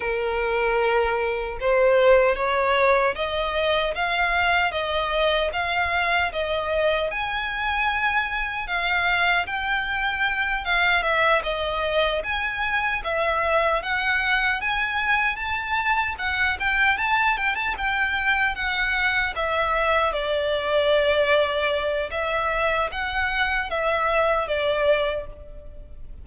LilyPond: \new Staff \with { instrumentName = "violin" } { \time 4/4 \tempo 4 = 76 ais'2 c''4 cis''4 | dis''4 f''4 dis''4 f''4 | dis''4 gis''2 f''4 | g''4. f''8 e''8 dis''4 gis''8~ |
gis''8 e''4 fis''4 gis''4 a''8~ | a''8 fis''8 g''8 a''8 g''16 a''16 g''4 fis''8~ | fis''8 e''4 d''2~ d''8 | e''4 fis''4 e''4 d''4 | }